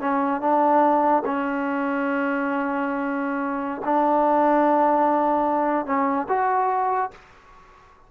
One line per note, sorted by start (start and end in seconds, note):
0.00 0.41 C#4
0.41 1.23 D4
1.25 3.82 C#4
3.84 5.85 D4
5.85 6.27 C#4
6.29 7.11 F#4